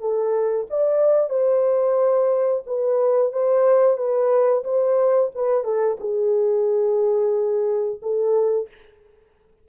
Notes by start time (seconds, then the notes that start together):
0.00 A4
0.70 D5
1.30 C5
2.66 B4
3.33 C5
3.97 B4
4.64 C5
5.35 B4
5.64 A4
6.00 G#4
8.02 A4